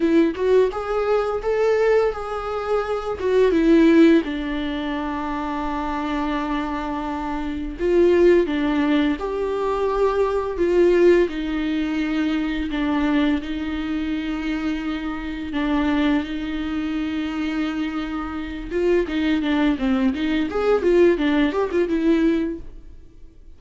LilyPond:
\new Staff \with { instrumentName = "viola" } { \time 4/4 \tempo 4 = 85 e'8 fis'8 gis'4 a'4 gis'4~ | gis'8 fis'8 e'4 d'2~ | d'2. f'4 | d'4 g'2 f'4 |
dis'2 d'4 dis'4~ | dis'2 d'4 dis'4~ | dis'2~ dis'8 f'8 dis'8 d'8 | c'8 dis'8 gis'8 f'8 d'8 g'16 f'16 e'4 | }